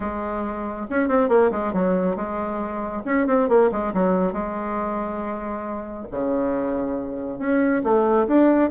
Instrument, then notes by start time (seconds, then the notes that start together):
bassoon
0.00 G#3
0.90 C#4
1.08 C4
1.28 A#3
1.51 G#3
1.73 F#3
2.16 G#3
3.05 C#4
3.26 C4
3.48 A#3
3.71 G#3
3.93 F#3
4.33 G#3
6.11 C#3
7.39 C#4
7.83 A3
8.27 D4